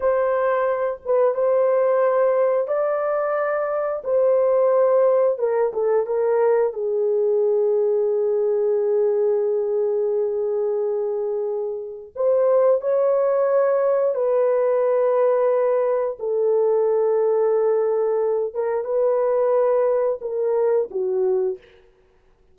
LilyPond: \new Staff \with { instrumentName = "horn" } { \time 4/4 \tempo 4 = 89 c''4. b'8 c''2 | d''2 c''2 | ais'8 a'8 ais'4 gis'2~ | gis'1~ |
gis'2 c''4 cis''4~ | cis''4 b'2. | a'2.~ a'8 ais'8 | b'2 ais'4 fis'4 | }